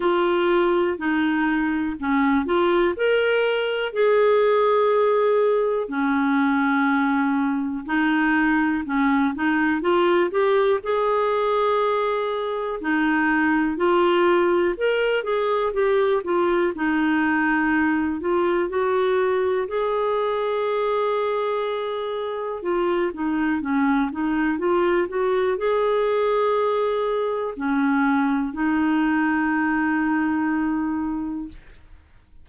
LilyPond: \new Staff \with { instrumentName = "clarinet" } { \time 4/4 \tempo 4 = 61 f'4 dis'4 cis'8 f'8 ais'4 | gis'2 cis'2 | dis'4 cis'8 dis'8 f'8 g'8 gis'4~ | gis'4 dis'4 f'4 ais'8 gis'8 |
g'8 f'8 dis'4. f'8 fis'4 | gis'2. f'8 dis'8 | cis'8 dis'8 f'8 fis'8 gis'2 | cis'4 dis'2. | }